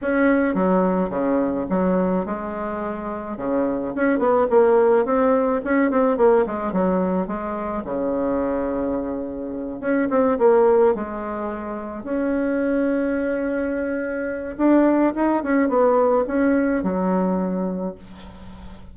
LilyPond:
\new Staff \with { instrumentName = "bassoon" } { \time 4/4 \tempo 4 = 107 cis'4 fis4 cis4 fis4 | gis2 cis4 cis'8 b8 | ais4 c'4 cis'8 c'8 ais8 gis8 | fis4 gis4 cis2~ |
cis4. cis'8 c'8 ais4 gis8~ | gis4. cis'2~ cis'8~ | cis'2 d'4 dis'8 cis'8 | b4 cis'4 fis2 | }